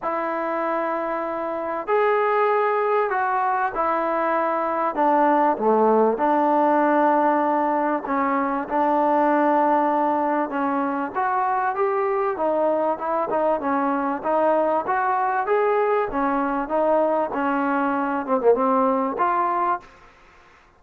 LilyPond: \new Staff \with { instrumentName = "trombone" } { \time 4/4 \tempo 4 = 97 e'2. gis'4~ | gis'4 fis'4 e'2 | d'4 a4 d'2~ | d'4 cis'4 d'2~ |
d'4 cis'4 fis'4 g'4 | dis'4 e'8 dis'8 cis'4 dis'4 | fis'4 gis'4 cis'4 dis'4 | cis'4. c'16 ais16 c'4 f'4 | }